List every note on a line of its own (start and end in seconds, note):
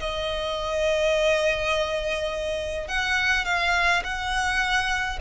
0.00 2.88 D#5
2.88 3.45 F#5
3.45 4.03 F5
4.04 5.19 F#5